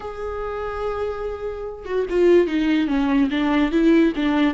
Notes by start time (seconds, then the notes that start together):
0.00 G#4
1.85 F#4
2.09 F4
2.47 D#4
2.87 C#4
3.30 D4
3.71 E4
4.15 D4